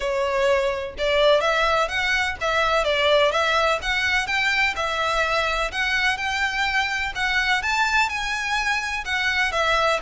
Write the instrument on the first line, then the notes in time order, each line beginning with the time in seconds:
violin
0.00 C#5
0.97 D5
1.40 E5
1.88 F#5
2.40 E5
2.84 D5
3.31 E5
3.82 F#5
4.26 G5
4.76 E5
5.71 F#5
6.17 G5
7.15 F#5
7.62 A5
8.09 G#5
9.04 F#5
9.52 E5